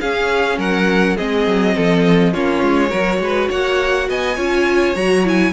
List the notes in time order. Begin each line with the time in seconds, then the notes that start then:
0.00 C#4 G#4 F5
0.58 F#3 A#4 F#5
1.16 G#3 C4 G#4 D#5
1.47 F#3
1.76 F3 A4
2.33 A#3 C#4 F4 C#5
2.62 G#3
2.89 F#3 F#4 A#4
3.20 G#3 B4
3.49 A#3 C#5 F#5
4.09 B3 D#5 G#5
4.36 C#4 F4 C#5
4.95 F#3 F#4 A#5
5.24 E4 G#5